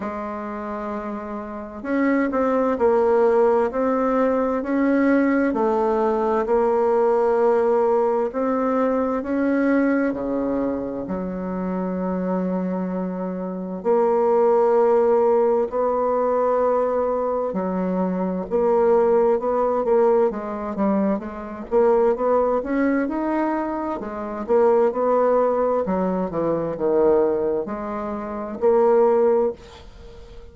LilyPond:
\new Staff \with { instrumentName = "bassoon" } { \time 4/4 \tempo 4 = 65 gis2 cis'8 c'8 ais4 | c'4 cis'4 a4 ais4~ | ais4 c'4 cis'4 cis4 | fis2. ais4~ |
ais4 b2 fis4 | ais4 b8 ais8 gis8 g8 gis8 ais8 | b8 cis'8 dis'4 gis8 ais8 b4 | fis8 e8 dis4 gis4 ais4 | }